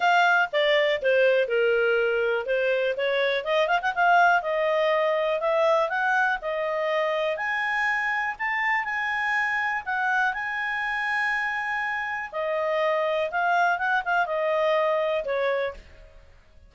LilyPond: \new Staff \with { instrumentName = "clarinet" } { \time 4/4 \tempo 4 = 122 f''4 d''4 c''4 ais'4~ | ais'4 c''4 cis''4 dis''8 f''16 fis''16 | f''4 dis''2 e''4 | fis''4 dis''2 gis''4~ |
gis''4 a''4 gis''2 | fis''4 gis''2.~ | gis''4 dis''2 f''4 | fis''8 f''8 dis''2 cis''4 | }